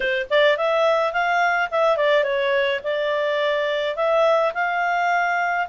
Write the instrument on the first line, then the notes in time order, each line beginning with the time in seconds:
clarinet
0.00 C5
0.30 D5
0.57 E5
1.12 F5
1.70 E5
1.96 D5
2.23 C#5
2.83 D5
3.96 E5
4.53 F5